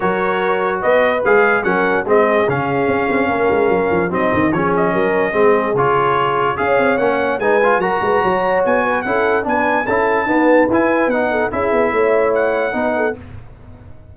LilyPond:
<<
  \new Staff \with { instrumentName = "trumpet" } { \time 4/4 \tempo 4 = 146 cis''2 dis''4 f''4 | fis''4 dis''4 f''2~ | f''2 dis''4 cis''8 dis''8~ | dis''2 cis''2 |
f''4 fis''4 gis''4 ais''4~ | ais''4 gis''4 fis''4 gis''4 | a''2 gis''4 fis''4 | e''2 fis''2 | }
  \new Staff \with { instrumentName = "horn" } { \time 4/4 ais'2 b'2 | ais'4 gis'2. | ais'2 dis'4 gis'4 | ais'4 gis'2. |
cis''2 b'4 ais'8 b'8 | cis''4. b'8 a'4 b'4 | a'4 b'2~ b'8 a'8 | gis'4 cis''2 b'8 a'8 | }
  \new Staff \with { instrumentName = "trombone" } { \time 4/4 fis'2. gis'4 | cis'4 c'4 cis'2~ | cis'2 c'4 cis'4~ | cis'4 c'4 f'2 |
gis'4 cis'4 dis'8 f'8 fis'4~ | fis'2 e'4 d'4 | e'4 b4 e'4 dis'4 | e'2. dis'4 | }
  \new Staff \with { instrumentName = "tuba" } { \time 4/4 fis2 b4 gis4 | fis4 gis4 cis4 cis'8 c'8 | ais8 gis8 fis8 f8 fis8 dis8 f4 | fis4 gis4 cis2 |
cis'8 c'8 ais4 gis4 fis8 gis8 | fis4 b4 cis'4 b4 | cis'4 dis'4 e'4 b4 | cis'8 b8 a2 b4 | }
>>